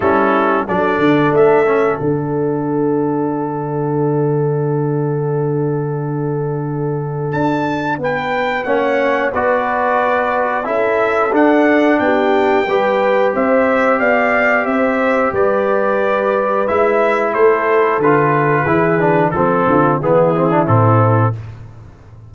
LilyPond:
<<
  \new Staff \with { instrumentName = "trumpet" } { \time 4/4 \tempo 4 = 90 a'4 d''4 e''4 fis''4~ | fis''1~ | fis''2. a''4 | g''4 fis''4 d''2 |
e''4 fis''4 g''2 | e''4 f''4 e''4 d''4~ | d''4 e''4 c''4 b'4~ | b'4 a'4 gis'4 a'4 | }
  \new Staff \with { instrumentName = "horn" } { \time 4/4 e'4 a'2.~ | a'1~ | a'1 | b'4 cis''4 b'2 |
a'2 g'4 b'4 | c''4 d''4 c''4 b'4~ | b'2 a'2 | gis'4 a'8 f'8 e'2 | }
  \new Staff \with { instrumentName = "trombone" } { \time 4/4 cis'4 d'4. cis'8 d'4~ | d'1~ | d'1~ | d'4 cis'4 fis'2 |
e'4 d'2 g'4~ | g'1~ | g'4 e'2 f'4 | e'8 d'8 c'4 b8 c'16 d'16 c'4 | }
  \new Staff \with { instrumentName = "tuba" } { \time 4/4 g4 fis8 d8 a4 d4~ | d1~ | d2. d'4 | b4 ais4 b2 |
cis'4 d'4 b4 g4 | c'4 b4 c'4 g4~ | g4 gis4 a4 d4 | e4 f8 d8 e4 a,4 | }
>>